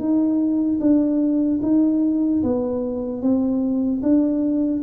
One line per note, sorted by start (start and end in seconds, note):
0.00 0.80 D#4
0.80 1.60 D4
1.63 2.43 D#4
2.43 3.22 B3
3.22 4.02 C4
4.03 4.83 D4